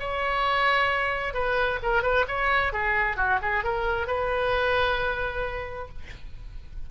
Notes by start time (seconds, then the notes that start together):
0.00 C#5
1.34 B4
1.83 A#4
2.03 B4
2.28 C#5
2.73 G#4
3.17 F#4
3.42 G#4
3.64 A#4
4.07 B4